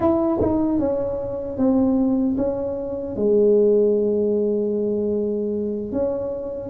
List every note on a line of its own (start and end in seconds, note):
0.00 0.39 E4
0.41 0.79 D#4
0.79 1.57 C#4
1.57 2.36 C4
2.37 3.16 C#4
3.16 5.92 G#3
5.92 6.70 C#4